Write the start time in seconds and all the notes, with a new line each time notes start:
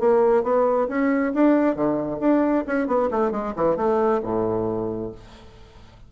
0.00 A#3
0.44 B3
0.89 C#4
1.35 D4
1.76 D3
2.20 D4
2.67 C#4
2.87 B3
3.11 A3
3.32 G#3
3.57 E3
3.77 A3
4.23 A2